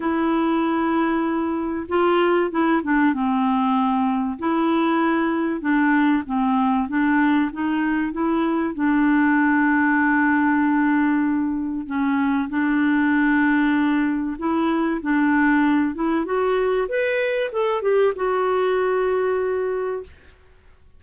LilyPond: \new Staff \with { instrumentName = "clarinet" } { \time 4/4 \tempo 4 = 96 e'2. f'4 | e'8 d'8 c'2 e'4~ | e'4 d'4 c'4 d'4 | dis'4 e'4 d'2~ |
d'2. cis'4 | d'2. e'4 | d'4. e'8 fis'4 b'4 | a'8 g'8 fis'2. | }